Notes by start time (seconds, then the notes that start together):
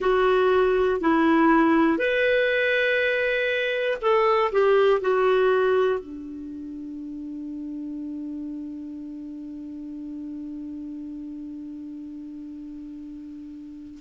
0.00 F#4
1.00 E4
1.97 B4
4.01 A4
4.51 G4
5.00 F#4
5.99 D4